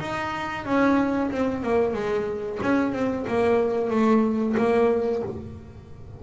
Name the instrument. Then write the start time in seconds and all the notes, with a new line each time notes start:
double bass
0.00 D#4
0.65 C#4
1.31 C4
1.63 A#3
1.94 G#3
2.62 C#4
2.93 C4
3.28 A#3
3.90 A3
4.57 A#3